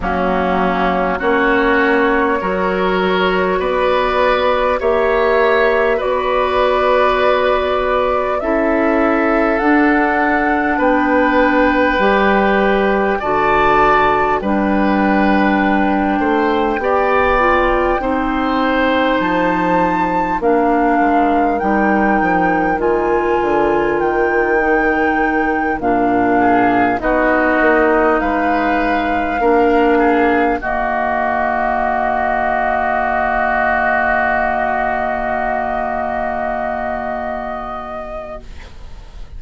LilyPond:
<<
  \new Staff \with { instrumentName = "flute" } { \time 4/4 \tempo 4 = 50 fis'4 cis''2 d''4 | e''4 d''2 e''4 | fis''4 g''2 a''4 | g''1 |
a''4 f''4 g''4 gis''4 | g''4. f''4 dis''4 f''8~ | f''4. dis''2~ dis''8~ | dis''1 | }
  \new Staff \with { instrumentName = "oboe" } { \time 4/4 cis'4 fis'4 ais'4 b'4 | cis''4 b'2 a'4~ | a'4 b'2 d''4 | b'4. c''8 d''4 c''4~ |
c''4 ais'2.~ | ais'2 gis'8 fis'4 b'8~ | b'8 ais'8 gis'8 fis'2~ fis'8~ | fis'1 | }
  \new Staff \with { instrumentName = "clarinet" } { \time 4/4 ais4 cis'4 fis'2 | g'4 fis'2 e'4 | d'2 g'4 fis'4 | d'2 g'8 f'8 dis'4~ |
dis'4 d'4 dis'4 f'4~ | f'8 dis'4 d'4 dis'4.~ | dis'8 d'4 ais2~ ais8~ | ais1 | }
  \new Staff \with { instrumentName = "bassoon" } { \time 4/4 fis4 ais4 fis4 b4 | ais4 b2 cis'4 | d'4 b4 g4 d4 | g4. a8 b4 c'4 |
f4 ais8 gis8 g8 f8 dis8 d8 | dis4. ais,4 b8 ais8 gis8~ | gis8 ais4 dis2~ dis8~ | dis1 | }
>>